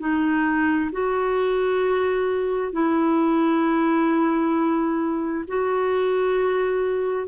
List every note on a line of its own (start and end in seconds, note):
0.00 0.91 D#4
0.92 2.73 F#4
2.73 5.45 E4
5.48 7.28 F#4